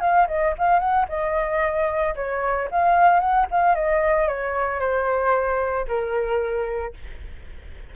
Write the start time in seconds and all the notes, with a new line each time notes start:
0.00 F5
0.27 D#5
0.58 F5
0.79 F#5
1.08 D#5
2.15 C#5
2.71 F5
3.19 F#5
3.51 F5
3.75 D#5
4.27 C#5
4.79 C5
5.87 A#4